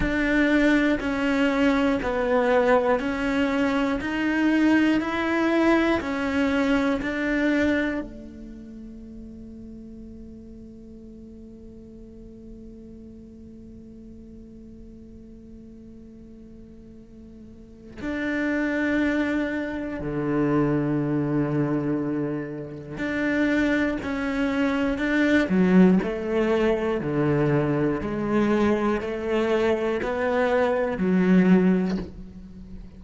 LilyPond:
\new Staff \with { instrumentName = "cello" } { \time 4/4 \tempo 4 = 60 d'4 cis'4 b4 cis'4 | dis'4 e'4 cis'4 d'4 | a1~ | a1~ |
a2 d'2 | d2. d'4 | cis'4 d'8 fis8 a4 d4 | gis4 a4 b4 fis4 | }